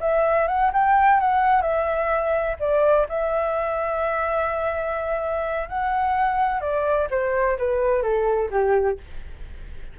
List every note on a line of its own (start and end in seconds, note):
0.00 0.47 E5
0.47 0.71 F#5
0.73 1.20 G5
1.20 1.61 F#5
1.61 2.56 E5
2.59 3.07 D5
3.09 5.68 E5
5.69 6.60 F#5
6.60 7.08 D5
7.10 7.57 C5
7.58 8.02 B4
8.02 8.49 A4
8.50 8.98 G4